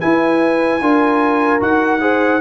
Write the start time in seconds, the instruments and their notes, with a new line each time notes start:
0.00 trombone E4, tuba E4, horn B4, trumpet G#5
0.81 tuba D4, trombone F4, horn A#4
1.60 tuba D#4, trombone F#4, trumpet F#5
2.00 trombone G#4, horn C5